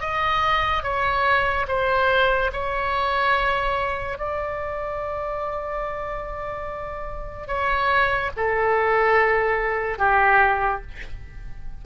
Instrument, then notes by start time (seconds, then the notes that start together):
oboe
0.00 D#5
0.83 C#5
1.67 C5
2.52 C#5
4.18 D5
7.47 C#5
8.36 A4
9.98 G4